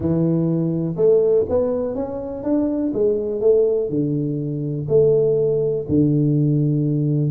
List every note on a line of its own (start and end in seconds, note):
0.00 0.95 E3
0.96 1.45 A3
1.49 1.95 B3
1.95 2.43 C#4
2.43 2.92 D4
2.93 3.40 G#3
3.40 3.89 A3
3.89 4.86 D3
4.88 5.85 A3
5.88 7.31 D3